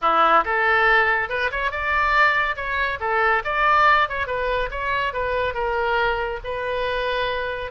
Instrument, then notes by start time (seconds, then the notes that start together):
oboe
0.01 E4
0.44 A4
1.29 B4
1.51 C#5
1.71 D5
2.56 C#5
3.00 A4
3.44 D5
4.08 C#5
4.26 B4
4.70 C#5
5.13 B4
5.54 A#4
6.44 B4